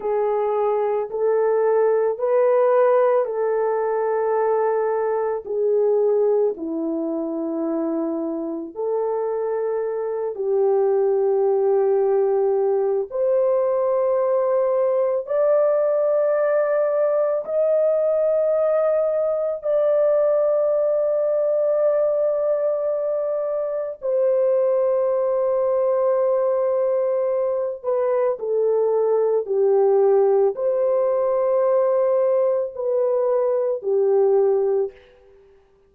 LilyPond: \new Staff \with { instrumentName = "horn" } { \time 4/4 \tempo 4 = 55 gis'4 a'4 b'4 a'4~ | a'4 gis'4 e'2 | a'4. g'2~ g'8 | c''2 d''2 |
dis''2 d''2~ | d''2 c''2~ | c''4. b'8 a'4 g'4 | c''2 b'4 g'4 | }